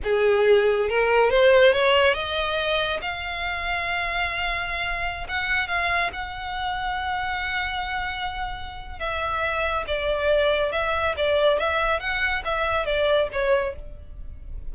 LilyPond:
\new Staff \with { instrumentName = "violin" } { \time 4/4 \tempo 4 = 140 gis'2 ais'4 c''4 | cis''4 dis''2 f''4~ | f''1~ | f''16 fis''4 f''4 fis''4.~ fis''16~ |
fis''1~ | fis''4 e''2 d''4~ | d''4 e''4 d''4 e''4 | fis''4 e''4 d''4 cis''4 | }